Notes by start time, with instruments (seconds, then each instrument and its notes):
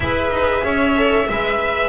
0.00 double bass E4, viola G#4, violin B4 E5
0.30 double bass D#4
0.63 double bass C#4, violin C#5
0.95 viola A4
1.28 double bass G#3, viola B4, violin E5